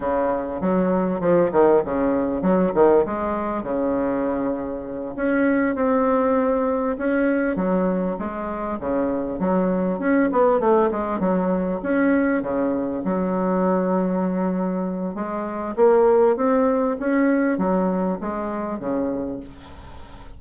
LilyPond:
\new Staff \with { instrumentName = "bassoon" } { \time 4/4 \tempo 4 = 99 cis4 fis4 f8 dis8 cis4 | fis8 dis8 gis4 cis2~ | cis8 cis'4 c'2 cis'8~ | cis'8 fis4 gis4 cis4 fis8~ |
fis8 cis'8 b8 a8 gis8 fis4 cis'8~ | cis'8 cis4 fis2~ fis8~ | fis4 gis4 ais4 c'4 | cis'4 fis4 gis4 cis4 | }